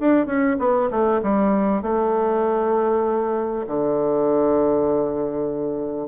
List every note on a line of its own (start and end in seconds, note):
0.00 0.26 D4
0.26 0.57 C#4
0.59 0.90 B3
0.91 1.21 A3
1.23 1.82 G3
1.82 3.66 A3
3.67 6.08 D3